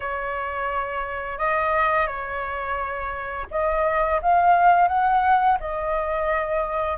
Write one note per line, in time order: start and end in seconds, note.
0.00 1.38 C#5
1.38 2.06 D#5
2.06 3.46 C#5
3.50 4.20 D#5
4.22 4.88 F5
4.88 5.58 F#5
5.59 6.97 D#5